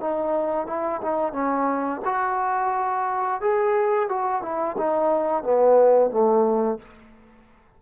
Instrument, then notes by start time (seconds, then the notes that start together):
trombone
0.00 D#4
0.67 E4
1.02 D#4
1.33 C#4
2.05 F#4
3.41 G#4
4.09 F#4
4.42 E4
4.78 D#4
5.43 B3
6.11 A3